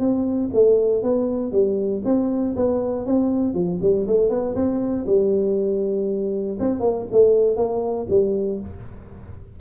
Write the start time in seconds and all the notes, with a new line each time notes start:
0.00 C4
0.54 A3
1.03 B3
1.52 G3
2.05 C4
2.56 B3
3.06 C4
3.54 F3
3.82 G3
4.07 A3
4.30 B3
4.55 C4
5.07 G3
6.60 C4
6.80 A#3
7.12 A3
7.57 A#3
8.10 G3